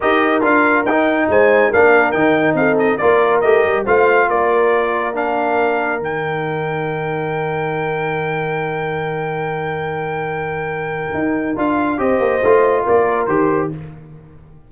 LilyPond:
<<
  \new Staff \with { instrumentName = "trumpet" } { \time 4/4 \tempo 4 = 140 dis''4 f''4 g''4 gis''4 | f''4 g''4 f''8 dis''8 d''4 | dis''4 f''4 d''2 | f''2 g''2~ |
g''1~ | g''1~ | g''2. f''4 | dis''2 d''4 c''4 | }
  \new Staff \with { instrumentName = "horn" } { \time 4/4 ais'2. c''4 | ais'2 a'4 ais'4~ | ais'4 c''4 ais'2~ | ais'1~ |
ais'1~ | ais'1~ | ais'1 | c''2 ais'2 | }
  \new Staff \with { instrumentName = "trombone" } { \time 4/4 g'4 f'4 dis'2 | d'4 dis'2 f'4 | g'4 f'2. | d'2 dis'2~ |
dis'1~ | dis'1~ | dis'2. f'4 | g'4 f'2 g'4 | }
  \new Staff \with { instrumentName = "tuba" } { \time 4/4 dis'4 d'4 dis'4 gis4 | ais4 dis4 c'4 ais4 | a8 g8 a4 ais2~ | ais2 dis2~ |
dis1~ | dis1~ | dis2 dis'4 d'4 | c'8 ais8 a4 ais4 dis4 | }
>>